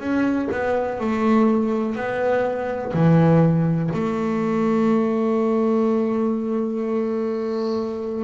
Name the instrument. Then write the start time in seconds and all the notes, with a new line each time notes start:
double bass
0.00 C#4
0.51 B3
1.00 A3
1.96 B3
2.93 E3
3.93 A3